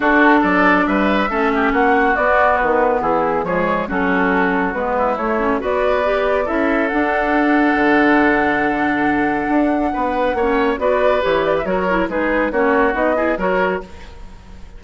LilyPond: <<
  \new Staff \with { instrumentName = "flute" } { \time 4/4 \tempo 4 = 139 a'4 d''4 e''2 | fis''4 d''4 b'4 gis'4 | cis''4 a'2 b'4 | cis''4 d''2 e''4 |
fis''1~ | fis''1~ | fis''4 d''4 cis''8 d''16 e''16 cis''4 | b'4 cis''4 dis''4 cis''4 | }
  \new Staff \with { instrumentName = "oboe" } { \time 4/4 fis'4 a'4 b'4 a'8 g'8 | fis'2. e'4 | gis'4 fis'2~ fis'8 e'8~ | e'4 b'2 a'4~ |
a'1~ | a'2. b'4 | cis''4 b'2 ais'4 | gis'4 fis'4. gis'8 ais'4 | }
  \new Staff \with { instrumentName = "clarinet" } { \time 4/4 d'2. cis'4~ | cis'4 b2. | gis4 cis'2 b4 | a8 cis'8 fis'4 g'4 e'4 |
d'1~ | d'1 | cis'4 fis'4 g'4 fis'8 e'8 | dis'4 cis'4 dis'8 e'8 fis'4 | }
  \new Staff \with { instrumentName = "bassoon" } { \time 4/4 d'4 fis4 g4 a4 | ais4 b4 dis4 e4 | f4 fis2 gis4 | a4 b2 cis'4 |
d'2 d2~ | d2 d'4 b4 | ais4 b4 e4 fis4 | gis4 ais4 b4 fis4 | }
>>